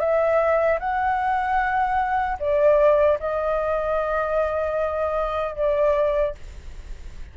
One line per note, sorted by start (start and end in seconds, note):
0.00 0.79 E5
0.80 2.38 F#5
2.40 3.19 D5
3.20 5.56 D#5
5.56 6.35 D5